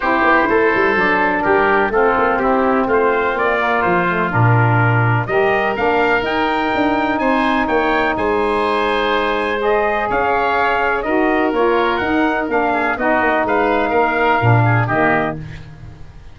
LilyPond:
<<
  \new Staff \with { instrumentName = "trumpet" } { \time 4/4 \tempo 4 = 125 c''2. ais'4 | a'4 g'4 c''4 d''4 | c''4 ais'2 dis''4 | f''4 g''2 gis''4 |
g''4 gis''2. | dis''4 f''2 dis''4 | cis''4 fis''4 f''4 dis''4 | f''2. dis''4 | }
  \new Staff \with { instrumentName = "oboe" } { \time 4/4 g'4 a'2 g'4 | f'4 e'4 f'2~ | f'2. ais'4~ | ais'2. c''4 |
cis''4 c''2.~ | c''4 cis''2 ais'4~ | ais'2~ ais'8 gis'8 fis'4 | b'4 ais'4. gis'8 g'4 | }
  \new Staff \with { instrumentName = "saxophone" } { \time 4/4 e'2 d'2 | c'2.~ c'8 ais8~ | ais8 a8 d'2 g'4 | d'4 dis'2.~ |
dis'1 | gis'2. fis'4 | f'4 dis'4 d'4 dis'4~ | dis'2 d'4 ais4 | }
  \new Staff \with { instrumentName = "tuba" } { \time 4/4 c'8 b8 a8 g8 fis4 g4 | a8 ais8 c'4 a4 ais4 | f4 ais,2 g4 | ais4 dis'4 d'4 c'4 |
ais4 gis2.~ | gis4 cis'2 dis'4 | ais4 dis'4 ais4 b8 ais8 | gis4 ais4 ais,4 dis4 | }
>>